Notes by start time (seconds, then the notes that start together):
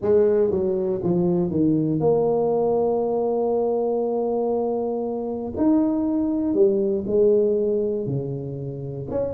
0.01 G#3
0.50 F#3
1.03 F3
1.50 D#3
2.00 A#3
5.56 D#4
6.54 G3
7.07 G#3
8.06 C#3
9.10 C#4